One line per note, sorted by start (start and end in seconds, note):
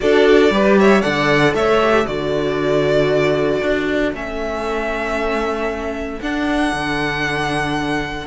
0.00 0.50 D4
0.00 0.52 F#4
0.00 0.53 A4
0.00 0.78 D5
0.50 1.02 G3
0.50 1.02 G4
0.50 0.79 B4
0.78 1.01 C#5
0.78 1.02 E5
1.01 1.54 D3
1.01 1.80 A4
1.01 1.53 D5
1.01 1.53 F#5
1.54 2.05 A3
1.54 2.06 C#5
1.54 2.06 E5
1.82 2.06 G4
2.06 3.62 D3
2.06 4.13 F#4
2.06 8.27 A4
2.06 4.13 D5
3.62 4.12 D4
4.12 6.19 A3
4.12 6.20 C#4
4.12 6.21 E5
6.21 6.73 D4
6.21 8.27 D4
6.21 8.27 F#5
6.73 8.27 D3